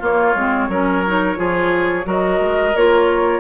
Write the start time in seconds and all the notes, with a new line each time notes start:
0.00 A#3 F4 C#5
0.35 G#3 C4
0.69 F#3 C#4 A#4
1.07 D#4
1.37 F3 F4 G#4
2.04 F#3 F#4 A#4 D#5
2.40 G#3
2.76 A#3 F4 C#5